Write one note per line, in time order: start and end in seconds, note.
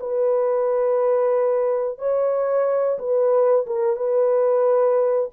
0.00 1.98 B4
1.98 2.98 C#5
2.99 3.66 B4
3.66 3.97 A#4
3.97 5.30 B4